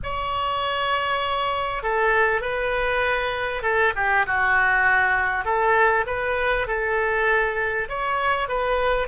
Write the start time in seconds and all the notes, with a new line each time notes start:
0.03 C#5
1.82 A4
2.41 B4
3.62 A4
3.95 G4
4.26 F#4
5.44 A4
6.06 B4
6.67 A4
7.88 C#5
8.48 B4